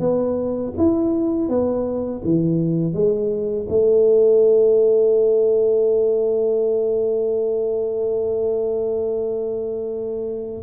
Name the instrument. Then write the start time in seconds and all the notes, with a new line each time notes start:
tuba
0.00 B3
0.78 E4
1.49 B3
2.25 E3
2.94 G#3
3.70 A3